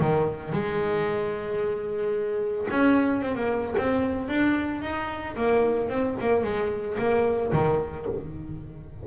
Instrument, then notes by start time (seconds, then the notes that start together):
double bass
0.00 D#3
0.53 G#3
2.71 C#4
3.22 C4
3.35 A#3
3.78 C4
4.29 D4
4.82 D#4
5.36 A#3
5.89 C4
6.21 A#3
6.44 G#3
6.99 A#3
7.53 D#3